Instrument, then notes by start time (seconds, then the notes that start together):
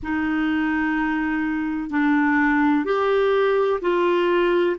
clarinet
0.03 D#4
1.90 D4
2.84 G4
3.81 F4